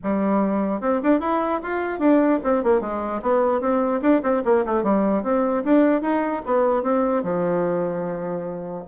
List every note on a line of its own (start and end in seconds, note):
0.03 0.81 G3
0.81 1.01 C4
1.02 1.20 D4
1.20 1.60 E4
1.62 1.99 F4
1.99 2.39 D4
2.43 2.63 C4
2.63 2.80 A#3
2.80 3.21 G#3
3.22 3.60 B3
3.60 4.01 C4
4.01 4.21 D4
4.22 4.43 C4
4.45 4.65 A#3
4.65 4.83 A3
4.83 5.23 G3
5.23 5.63 C4
5.64 6.01 D4
6.01 6.42 D#4
6.45 6.83 B3
6.83 7.23 C4
7.23 8.84 F3